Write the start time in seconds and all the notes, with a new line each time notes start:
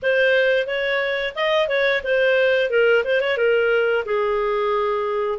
0.02 C5
0.66 C#5
1.35 D#5
1.68 C#5
2.03 C5
2.70 A#4
3.04 C5
3.20 C#5
3.37 A#4
4.04 G#4